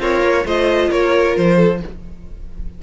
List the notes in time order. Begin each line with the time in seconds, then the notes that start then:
0.00 C4 F4 A#4 C#5
0.22 A#3
0.45 A3 F4 C5 D#5
0.90 A#3 A#4 C#5
1.37 F3 C5
1.56 A4